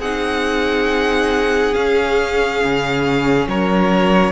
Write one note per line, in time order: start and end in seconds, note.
0.00 1.74 C4
0.00 1.74 D#4
0.00 3.48 G#4
0.00 1.75 F#5
1.74 4.33 C#4
1.74 2.63 C#4
1.74 3.49 F5
2.64 3.48 C#3
3.48 4.33 F#3
3.48 4.33 A#4
3.48 4.33 C#5